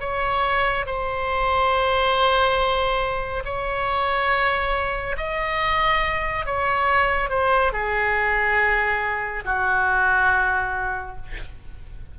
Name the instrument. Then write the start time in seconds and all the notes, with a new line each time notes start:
oboe
0.00 C#5
0.86 C5
3.45 C#5
5.17 D#5
6.46 C#5
7.30 C5
7.73 G#4
9.45 F#4